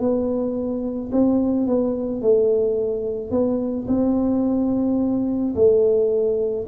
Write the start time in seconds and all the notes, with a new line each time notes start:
0.00 B3
1.12 C4
1.67 B3
2.22 A3
3.31 B3
3.88 C4
5.56 A3